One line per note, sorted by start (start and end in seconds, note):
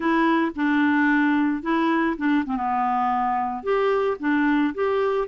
0.00 0.51 E4
0.55 1.62 D4
1.62 2.16 E4
2.17 2.44 D4
2.45 2.56 C4
2.56 3.63 B3
3.63 4.17 G4
4.19 4.73 D4
4.74 5.27 G4